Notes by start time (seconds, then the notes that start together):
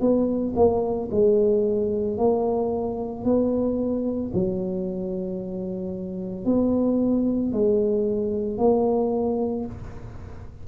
0.00 B3
0.56 A#3
1.11 G#3
2.17 A#3
3.24 B3
4.34 F#3
6.45 B3
7.52 G#3
8.58 A#3